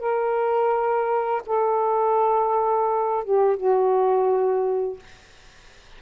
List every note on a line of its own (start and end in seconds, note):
0.00 1.43 A#4
1.46 3.25 A4
3.25 3.57 G4
3.57 5.00 F#4